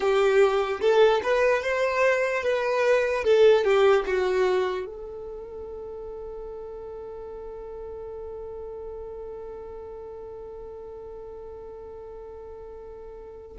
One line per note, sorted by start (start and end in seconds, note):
0.00 0.80 G4
0.80 1.21 A4
1.23 1.62 B4
1.62 2.43 C5
2.43 3.24 B4
3.24 3.64 A4
3.64 4.04 G4
4.06 4.85 F#4
4.85 13.57 A4